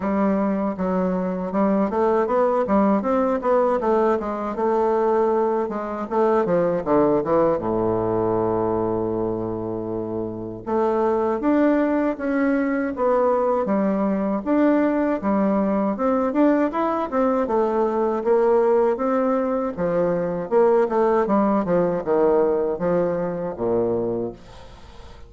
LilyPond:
\new Staff \with { instrumentName = "bassoon" } { \time 4/4 \tempo 4 = 79 g4 fis4 g8 a8 b8 g8 | c'8 b8 a8 gis8 a4. gis8 | a8 f8 d8 e8 a,2~ | a,2 a4 d'4 |
cis'4 b4 g4 d'4 | g4 c'8 d'8 e'8 c'8 a4 | ais4 c'4 f4 ais8 a8 | g8 f8 dis4 f4 ais,4 | }